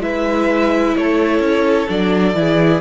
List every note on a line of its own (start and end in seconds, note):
0.00 0.94 G#3
0.00 1.88 E4
0.00 0.97 B4
0.00 0.97 E5
0.97 1.40 A3
0.97 2.39 A4
0.97 1.89 C#5
1.40 1.87 C#4
1.88 2.35 F#3
1.88 2.35 D4
1.88 2.81 D5
2.35 2.81 E3
2.35 2.81 E4
2.35 2.81 G#4